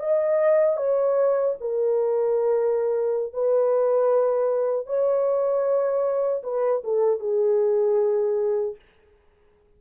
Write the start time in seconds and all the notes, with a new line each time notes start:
0.00 D#5
0.77 C#5
1.61 A#4
3.34 B4
4.87 C#5
6.44 B4
6.85 A4
7.20 G#4